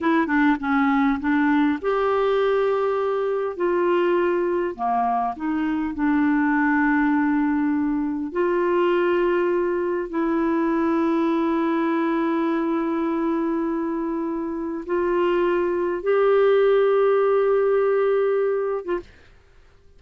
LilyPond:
\new Staff \with { instrumentName = "clarinet" } { \time 4/4 \tempo 4 = 101 e'8 d'8 cis'4 d'4 g'4~ | g'2 f'2 | ais4 dis'4 d'2~ | d'2 f'2~ |
f'4 e'2.~ | e'1~ | e'4 f'2 g'4~ | g'2.~ g'8. f'16 | }